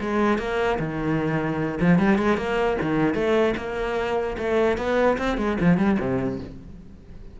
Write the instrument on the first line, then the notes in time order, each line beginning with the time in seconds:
cello
0.00 G#3
0.38 A#3
0.79 D#3
1.80 F3
1.98 G3
2.17 G#3
2.37 A#3
2.81 D#3
3.14 A3
3.57 A#3
4.38 A3
4.77 B3
5.18 C4
5.37 G#3
5.60 F3
5.77 G3
5.99 C3